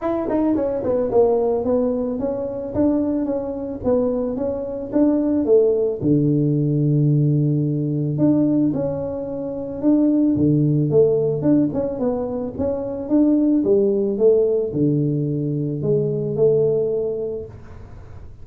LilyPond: \new Staff \with { instrumentName = "tuba" } { \time 4/4 \tempo 4 = 110 e'8 dis'8 cis'8 b8 ais4 b4 | cis'4 d'4 cis'4 b4 | cis'4 d'4 a4 d4~ | d2. d'4 |
cis'2 d'4 d4 | a4 d'8 cis'8 b4 cis'4 | d'4 g4 a4 d4~ | d4 gis4 a2 | }